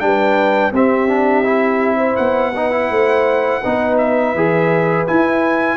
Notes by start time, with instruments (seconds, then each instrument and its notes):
0.00 tuba G3, trombone D4, horn B4, trumpet G5
0.72 tuba C4, trombone C4, horn G4, trumpet E5
1.09 trombone D4
1.45 trombone E4
1.97 horn C5
2.17 tuba B3, trumpet F#5
2.56 trombone D#4, horn B4
2.71 trombone E4
2.91 tuba A3, horn C5
3.61 tuba B3, trombone D#4, horn B4
3.98 trumpet E5
4.34 tuba E3, trombone G#4
5.07 trombone E4, tuba E4, trumpet G#5